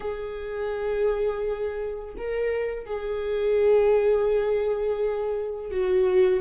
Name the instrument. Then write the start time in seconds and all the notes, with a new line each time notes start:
viola
0.00 G#4
2.17 A#4
2.85 G#4
5.71 F#4